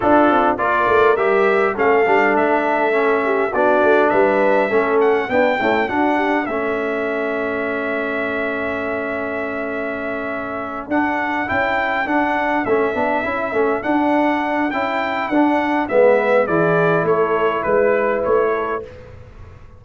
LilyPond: <<
  \new Staff \with { instrumentName = "trumpet" } { \time 4/4 \tempo 4 = 102 a'4 d''4 e''4 f''4 | e''2 d''4 e''4~ | e''8 fis''8 g''4 fis''4 e''4~ | e''1~ |
e''2~ e''8 fis''4 g''8~ | g''8 fis''4 e''2 fis''8~ | fis''4 g''4 fis''4 e''4 | d''4 cis''4 b'4 cis''4 | }
  \new Staff \with { instrumentName = "horn" } { \time 4/4 f'4 ais'2 a'4~ | a'4. g'8 fis'4 b'4 | a'4 d'8 e'8 fis'8 g'8 a'4~ | a'1~ |
a'1~ | a'1~ | a'2. b'4 | gis'4 a'4 b'4. a'8 | }
  \new Staff \with { instrumentName = "trombone" } { \time 4/4 d'4 f'4 g'4 cis'8 d'8~ | d'4 cis'4 d'2 | cis'4 b8 a8 d'4 cis'4~ | cis'1~ |
cis'2~ cis'8 d'4 e'8~ | e'8 d'4 cis'8 d'8 e'8 cis'8 d'8~ | d'4 e'4 d'4 b4 | e'1 | }
  \new Staff \with { instrumentName = "tuba" } { \time 4/4 d'8 c'8 ais8 a8 g4 a8 g8 | a2 b8 a8 g4 | a4 b8 cis'8 d'4 a4~ | a1~ |
a2~ a8 d'4 cis'8~ | cis'8 d'4 a8 b8 cis'8 a8 d'8~ | d'4 cis'4 d'4 gis4 | e4 a4 gis4 a4 | }
>>